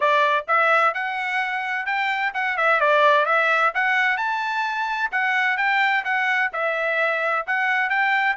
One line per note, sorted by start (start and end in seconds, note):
0.00 0.45 D5
0.47 0.93 E5
0.93 1.85 F#5
1.85 2.32 G5
2.34 2.57 F#5
2.57 2.80 E5
2.80 3.25 D5
3.25 3.72 E5
3.74 4.17 F#5
4.17 5.10 A5
5.11 5.57 F#5
5.57 6.03 G5
6.04 6.51 F#5
6.52 7.45 E5
7.47 7.89 F#5
7.89 8.36 G5